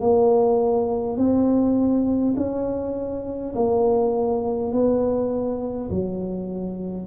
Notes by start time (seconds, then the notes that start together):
0.00 A#3
1.17 C4
2.36 C#4
3.55 A#3
4.72 B3
5.90 F#3